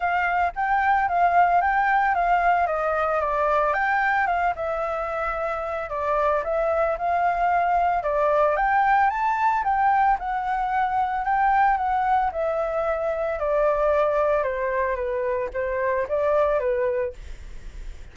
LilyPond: \new Staff \with { instrumentName = "flute" } { \time 4/4 \tempo 4 = 112 f''4 g''4 f''4 g''4 | f''4 dis''4 d''4 g''4 | f''8 e''2~ e''8 d''4 | e''4 f''2 d''4 |
g''4 a''4 g''4 fis''4~ | fis''4 g''4 fis''4 e''4~ | e''4 d''2 c''4 | b'4 c''4 d''4 b'4 | }